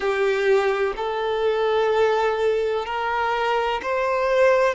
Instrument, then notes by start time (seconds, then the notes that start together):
violin
0.00 G4
0.96 A4
2.85 A#4
3.82 C5